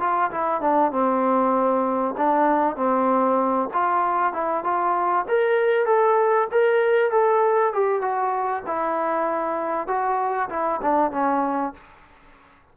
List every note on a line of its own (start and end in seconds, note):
0.00 0.31 F4
0.31 0.62 E4
0.62 0.92 D4
0.92 2.16 C4
2.18 2.77 D4
2.77 3.70 C4
3.74 4.34 F4
4.34 4.64 E4
4.64 5.26 F4
5.29 5.87 A#4
5.87 6.48 A4
6.52 7.12 A#4
7.12 7.73 A4
7.73 8.02 G4
8.02 8.64 F#4
8.67 9.88 E4
9.88 10.50 F#4
10.50 10.81 E4
10.82 11.12 D4
11.12 11.74 C#4